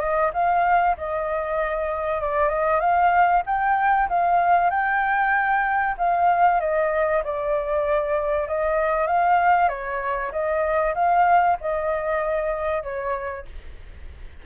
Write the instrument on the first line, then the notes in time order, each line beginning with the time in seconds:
flute
0.00 D#5
0.34 F5
0.98 D#5
2.22 D5
2.49 D#5
2.80 F5
3.46 G5
4.09 F5
4.71 G5
5.98 F5
6.61 D#5
7.24 D5
8.48 D#5
9.07 F5
9.69 C#5
10.32 D#5
10.95 F5
11.61 D#5
12.83 C#5